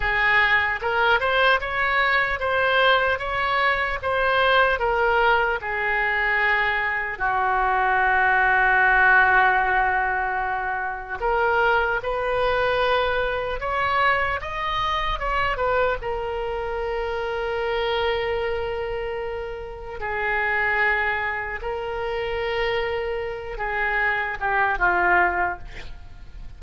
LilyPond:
\new Staff \with { instrumentName = "oboe" } { \time 4/4 \tempo 4 = 75 gis'4 ais'8 c''8 cis''4 c''4 | cis''4 c''4 ais'4 gis'4~ | gis'4 fis'2.~ | fis'2 ais'4 b'4~ |
b'4 cis''4 dis''4 cis''8 b'8 | ais'1~ | ais'4 gis'2 ais'4~ | ais'4. gis'4 g'8 f'4 | }